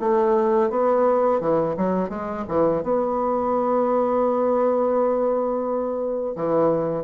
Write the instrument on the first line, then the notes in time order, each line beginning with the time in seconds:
bassoon
0.00 A3
0.70 B3
1.41 E3
1.77 F#3
2.10 G#3
2.48 E3
2.83 B3
6.36 E3